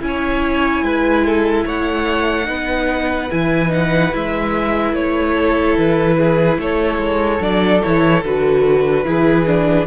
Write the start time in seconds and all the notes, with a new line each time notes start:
0.00 C#4 E4 G#5
0.07 C#5
0.82 G#3 B4
1.25 A4
1.65 A3 C#5 F#5
2.45 B3 D#4 B4
3.30 E3 E4 G#5
3.68 D#4 F#5
4.11 G#3 E4 E5
4.92 A3 C#5
5.34 A4
5.77 E3 B4
6.17 G#4
6.58 A3 A4 C#5
6.98 G#3
7.40 F#3 D4 D5
7.82 E3 E4 C#5
8.24 D3 F#4 B4
9.04 E3 E4 G#4
9.46 D4